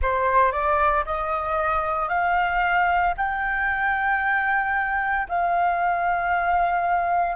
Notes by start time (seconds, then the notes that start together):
0.01 C5
0.52 D5
1.05 D#5
2.08 F5
3.17 G5
5.29 F5